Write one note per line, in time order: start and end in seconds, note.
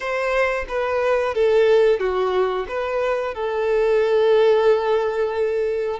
0.00 0.65 C5
0.68 1.34 B4
1.34 1.99 A4
1.99 2.66 F#4
2.68 3.34 B4
3.34 5.99 A4